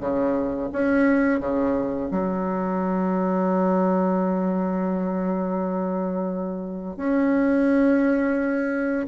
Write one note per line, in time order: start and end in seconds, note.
0.00 0.70 C#3
0.73 1.40 C#4
1.40 2.10 C#3
2.11 6.97 F#3
6.97 9.06 C#4